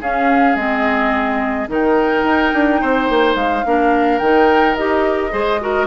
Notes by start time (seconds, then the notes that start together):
0.00 C#4 G#4 F5
0.55 G#3 C4 D#5
1.68 D#3 D#4 A#4 G5
2.23 D#4
2.53 D4
2.80 C4 C5
3.09 A#3
3.34 G#3 F5
3.65 A#3 D4 A#4
4.18 D#3 D#4 G5
4.75 D#4 G4 D#5
5.30 G#3 G#4 C5
5.60 F#4 A#4